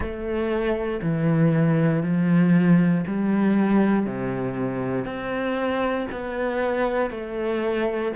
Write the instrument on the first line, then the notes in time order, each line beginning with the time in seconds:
cello
0.00 A3
1.02 E3
2.02 F3
3.06 G3
4.06 C3
5.05 C4
6.11 B3
7.10 A3